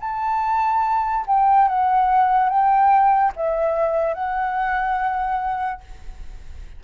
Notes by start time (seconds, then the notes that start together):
0.00 A5
1.27 G5
1.68 F#5
2.49 G5
3.36 E5
4.14 F#5